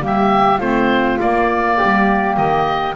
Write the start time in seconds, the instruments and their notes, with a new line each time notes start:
0.00 double bass G3, clarinet A#3, flute G4
0.06 oboe E5
0.57 double bass A3, clarinet C4, flute F4, oboe C5
1.19 clarinet A#3, double bass A#3, oboe D5
1.77 double bass G3, flute G4
2.36 double bass D#3, oboe D#5